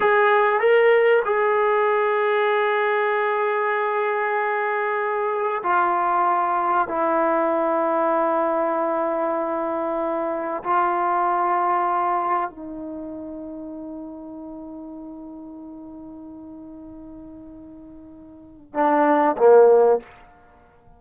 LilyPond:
\new Staff \with { instrumentName = "trombone" } { \time 4/4 \tempo 4 = 96 gis'4 ais'4 gis'2~ | gis'1~ | gis'4 f'2 e'4~ | e'1~ |
e'4 f'2. | dis'1~ | dis'1~ | dis'2 d'4 ais4 | }